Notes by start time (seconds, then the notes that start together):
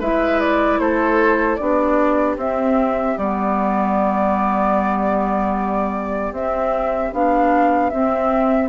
0.00 G#3 E4 B4 E5
0.40 D5
0.79 A3 A4 C5
1.56 B3 D4 G4 D5
2.37 C4 E5
3.18 G3 B3 D5
6.32 C4 E5
7.12 B3 D4 F5
7.90 C4 E5